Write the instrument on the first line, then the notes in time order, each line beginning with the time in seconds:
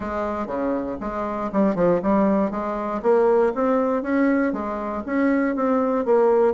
bassoon
0.00 G#3
0.46 C#3
1.00 G#3
1.52 G3
1.75 F3
2.02 G3
2.50 G#3
3.02 A#3
3.54 C4
4.02 C#4
4.52 G#3
5.06 C#4
5.55 C4
6.05 A#3